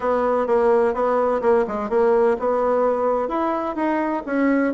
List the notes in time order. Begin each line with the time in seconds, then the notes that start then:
0.00 B3
0.47 A#3
0.93 B3
1.41 A#3
1.67 G#3
1.89 A#3
2.39 B3
3.28 E4
3.75 D#4
4.26 C#4